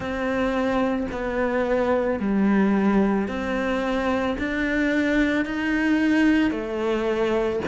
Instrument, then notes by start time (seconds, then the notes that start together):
cello
0.00 C4
1.12 B3
2.19 G3
3.27 C4
4.38 D4
5.45 D#4
6.51 A3